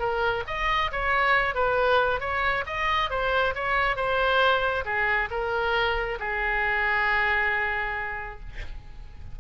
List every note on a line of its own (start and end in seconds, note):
0.00 0.44 A#4
0.47 0.91 D#5
0.92 1.55 C#5
1.55 2.21 B4
2.21 2.65 C#5
2.67 3.10 D#5
3.10 3.55 C5
3.55 3.97 C#5
3.97 4.85 C5
4.85 5.30 G#4
5.31 6.19 A#4
6.20 8.40 G#4